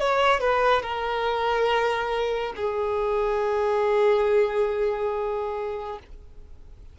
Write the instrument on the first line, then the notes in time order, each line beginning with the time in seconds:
violin
0.00 C#5
0.41 B4
0.82 A#4
2.56 G#4